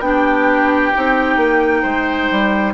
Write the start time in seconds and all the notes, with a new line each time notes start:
0.00 B3 D4 G5
0.06 G4
0.94 C4 D#4
1.37 A#3
1.82 G#3 C5
2.31 G3